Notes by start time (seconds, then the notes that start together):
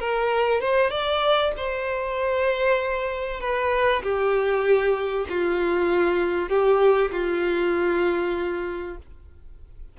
0.00 A#4
0.61 C5
0.91 D5
1.57 C5
3.41 B4
4.03 G4
5.29 F4
6.49 G4
7.12 F4